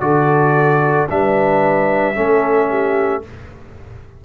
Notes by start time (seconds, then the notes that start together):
0.00 D3 F#4 A4 D5
1.09 G3 D4 B4 E5
2.15 A3 C#4 A4
2.69 G4